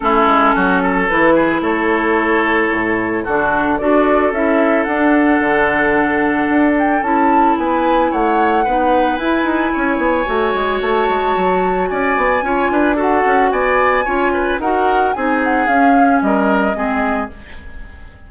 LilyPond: <<
  \new Staff \with { instrumentName = "flute" } { \time 4/4 \tempo 4 = 111 a'2 b'4 cis''4~ | cis''2 a'4 d''4 | e''4 fis''2.~ | fis''8 g''8 a''4 gis''4 fis''4~ |
fis''4 gis''2. | a''2 gis''2 | fis''4 gis''2 fis''4 | gis''8 fis''8 f''4 dis''2 | }
  \new Staff \with { instrumentName = "oboe" } { \time 4/4 e'4 fis'8 a'4 gis'8 a'4~ | a'2 fis'4 a'4~ | a'1~ | a'2 b'4 cis''4 |
b'2 cis''2~ | cis''2 d''4 cis''8 b'8 | a'4 d''4 cis''8 b'8 ais'4 | gis'2 ais'4 gis'4 | }
  \new Staff \with { instrumentName = "clarinet" } { \time 4/4 cis'2 e'2~ | e'2 d'4 fis'4 | e'4 d'2.~ | d'4 e'2. |
dis'4 e'2 fis'4~ | fis'2. f'4 | fis'2 f'4 fis'4 | dis'4 cis'2 c'4 | }
  \new Staff \with { instrumentName = "bassoon" } { \time 4/4 a8 gis8 fis4 e4 a4~ | a4 a,4 d4 d'4 | cis'4 d'4 d2 | d'4 cis'4 b4 a4 |
b4 e'8 dis'8 cis'8 b8 a8 gis8 | a8 gis8 fis4 cis'8 b8 cis'8 d'8~ | d'8 cis'8 b4 cis'4 dis'4 | c'4 cis'4 g4 gis4 | }
>>